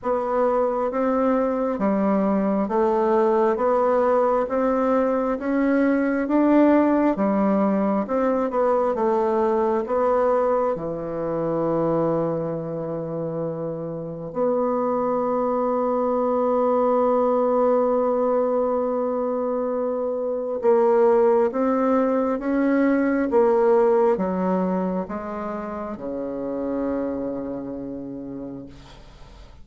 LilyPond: \new Staff \with { instrumentName = "bassoon" } { \time 4/4 \tempo 4 = 67 b4 c'4 g4 a4 | b4 c'4 cis'4 d'4 | g4 c'8 b8 a4 b4 | e1 |
b1~ | b2. ais4 | c'4 cis'4 ais4 fis4 | gis4 cis2. | }